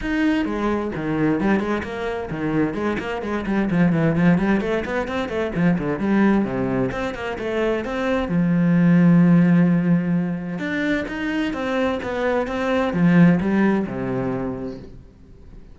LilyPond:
\new Staff \with { instrumentName = "cello" } { \time 4/4 \tempo 4 = 130 dis'4 gis4 dis4 g8 gis8 | ais4 dis4 gis8 ais8 gis8 g8 | f8 e8 f8 g8 a8 b8 c'8 a8 | f8 d8 g4 c4 c'8 ais8 |
a4 c'4 f2~ | f2. d'4 | dis'4 c'4 b4 c'4 | f4 g4 c2 | }